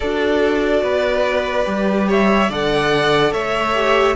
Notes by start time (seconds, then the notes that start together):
0.00 D4 F#4 A4 D5
0.82 B3 B4
1.64 G3 G4
2.08 C#5 E5
2.49 D3 A4 D5 F#5
3.32 A3 C#5 E5
3.74 G4